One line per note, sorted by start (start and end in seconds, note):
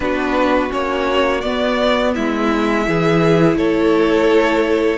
0.00 0.70 B3
0.00 0.69 D4
0.00 2.14 F#4
0.00 0.71 B4
0.69 1.43 A#3
0.69 1.41 C#4
0.69 1.40 C#5
1.40 2.15 B3
1.40 2.84 B3
1.40 2.12 D5
2.14 2.87 G#3
2.14 2.85 E4
2.14 3.57 E5
2.84 3.55 E3
2.84 4.97 E4
2.84 3.58 G#4
3.55 4.97 A3
3.55 4.97 A4
3.55 4.97 C#5